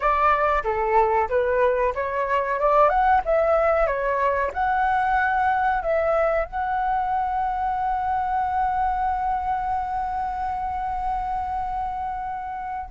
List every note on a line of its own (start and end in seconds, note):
0.00 0.63 D5
0.64 1.28 A4
1.29 1.93 B4
1.94 2.59 C#5
2.59 2.89 D5
2.89 3.21 F#5
3.25 3.87 E5
3.87 4.51 C#5
4.53 5.82 F#5
5.82 6.45 E5
6.45 12.90 F#5